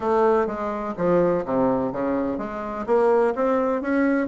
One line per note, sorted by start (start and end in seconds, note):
0.00 0.47 A3
0.47 0.94 G#3
0.97 1.44 F3
1.45 1.92 C3
1.92 2.38 C#3
2.38 2.85 G#3
2.86 3.34 A#3
3.35 3.81 C4
3.81 4.27 C#4